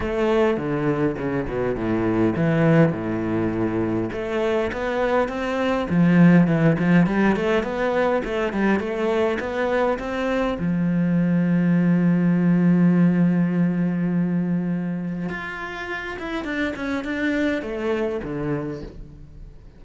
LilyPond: \new Staff \with { instrumentName = "cello" } { \time 4/4 \tempo 4 = 102 a4 d4 cis8 b,8 a,4 | e4 a,2 a4 | b4 c'4 f4 e8 f8 | g8 a8 b4 a8 g8 a4 |
b4 c'4 f2~ | f1~ | f2 f'4. e'8 | d'8 cis'8 d'4 a4 d4 | }